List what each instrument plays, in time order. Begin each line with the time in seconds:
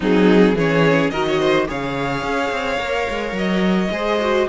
0.00 cello F#3, viola C4, violin D#4 G#4
0.54 cello E3, viola C#4, violin G#4 C#5
1.10 cello D#3, viola F#4, violin A#4 D#5
1.27 violin C#5
1.39 violin C5
1.67 cello C#3, viola G#4, violin C#5 F5
2.22 cello C#4
2.51 cello C4
2.78 cello A#3, viola A#4
3.09 cello G#3
3.32 cello F#3, violin D#5
3.90 cello G#3, viola G#4, violin C5
4.20 viola F#4